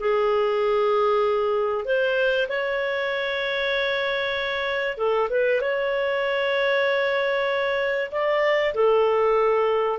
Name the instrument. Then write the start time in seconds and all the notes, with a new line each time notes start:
clarinet
0.00 G#4
1.85 C5
2.49 C#5
4.98 A4
5.30 B4
5.61 C#5
8.12 D5
8.75 A4